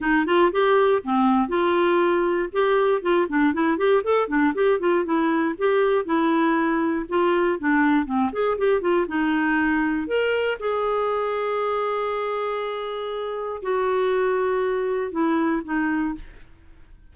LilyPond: \new Staff \with { instrumentName = "clarinet" } { \time 4/4 \tempo 4 = 119 dis'8 f'8 g'4 c'4 f'4~ | f'4 g'4 f'8 d'8 e'8 g'8 | a'8 d'8 g'8 f'8 e'4 g'4 | e'2 f'4 d'4 |
c'8 gis'8 g'8 f'8 dis'2 | ais'4 gis'2.~ | gis'2. fis'4~ | fis'2 e'4 dis'4 | }